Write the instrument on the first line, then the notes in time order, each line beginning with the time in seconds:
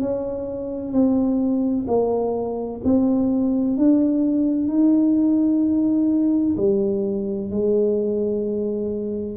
tuba
0.00 C#4
0.92 C4
1.87 A#3
2.84 C4
3.77 D4
4.68 D#4
6.57 G3
7.50 G#3